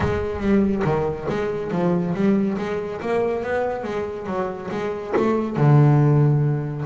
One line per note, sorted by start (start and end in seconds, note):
0.00 0.40 G#3
0.40 0.83 G3
0.84 1.27 D#3
1.29 1.71 G#3
1.71 2.14 F3
2.14 2.57 G3
2.58 3.01 G#3
3.01 3.43 A#3
3.43 3.83 B3
3.83 4.26 G#3
4.26 4.69 F#3
4.71 5.14 G#3
5.16 5.56 A3
5.56 6.85 D3